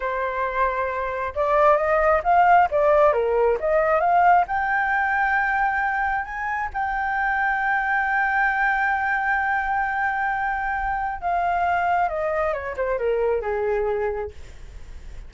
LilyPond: \new Staff \with { instrumentName = "flute" } { \time 4/4 \tempo 4 = 134 c''2. d''4 | dis''4 f''4 d''4 ais'4 | dis''4 f''4 g''2~ | g''2 gis''4 g''4~ |
g''1~ | g''1~ | g''4 f''2 dis''4 | cis''8 c''8 ais'4 gis'2 | }